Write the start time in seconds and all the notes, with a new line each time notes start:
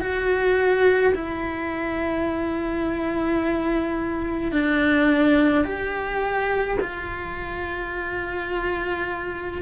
0.00 F#4
1.15 E4
4.52 D4
5.64 G4
6.81 F4